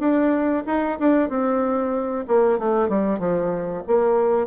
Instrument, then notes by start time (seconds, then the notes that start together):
bassoon
0.00 D4
0.67 D#4
1.00 D4
1.29 C4
2.28 A#3
2.59 A3
2.89 G3
3.19 F3
3.88 A#3